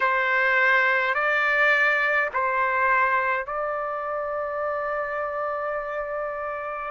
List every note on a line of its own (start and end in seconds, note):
0.00 1.14 C5
1.14 2.29 D5
2.33 3.46 C5
3.46 6.90 D5